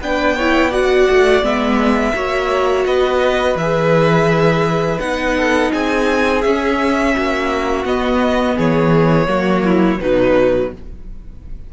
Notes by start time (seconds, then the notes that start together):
0.00 B3 D4 B4 G5
0.36 E4 C#5
0.70 F#4 D5 F#5
1.10 A3
1.42 G#3 B3 E5
2.14 A#3 F#4 C#5
2.85 B3 B4 D#5
3.55 E3 G#4 E5
4.99 B3 D#4 F#5
5.36 A4
5.72 C4 G#4 G#5
6.41 C#4 E5
7.16 A#3 F#4
7.84 B3 D#5
8.56 E3 G#4 C#5
9.26 F#3 A#3 F#4
9.64 E4
10.01 B2 F#3 D#4 B4